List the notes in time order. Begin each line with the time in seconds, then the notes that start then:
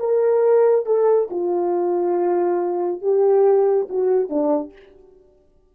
0.00 A#4
0.87 A4
1.31 F4
3.02 G4
3.90 F#4
4.30 D4